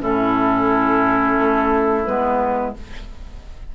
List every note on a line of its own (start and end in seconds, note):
0.00 1.37 A2
0.00 2.05 C#4
0.00 2.75 E4
0.00 2.05 A4
1.38 2.06 A3
2.05 2.74 G#3
2.05 2.74 B3
2.05 2.73 B4